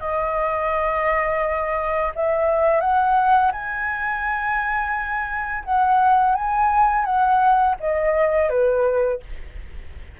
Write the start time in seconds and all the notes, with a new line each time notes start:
0.00 D#5
2.15 E5
2.80 F#5
3.52 G#5
5.64 F#5
6.35 G#5
7.05 F#5
7.80 D#5
8.49 B4